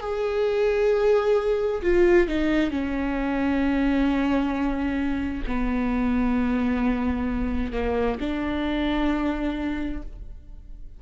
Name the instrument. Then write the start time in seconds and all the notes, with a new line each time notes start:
viola
0.00 G#4
1.82 F4
2.28 D#4
2.71 C#4
5.47 B3
7.73 A#3
8.20 D4